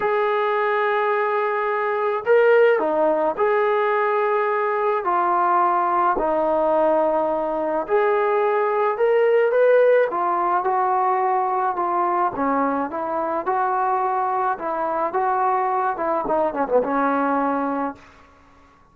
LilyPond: \new Staff \with { instrumentName = "trombone" } { \time 4/4 \tempo 4 = 107 gis'1 | ais'4 dis'4 gis'2~ | gis'4 f'2 dis'4~ | dis'2 gis'2 |
ais'4 b'4 f'4 fis'4~ | fis'4 f'4 cis'4 e'4 | fis'2 e'4 fis'4~ | fis'8 e'8 dis'8 cis'16 b16 cis'2 | }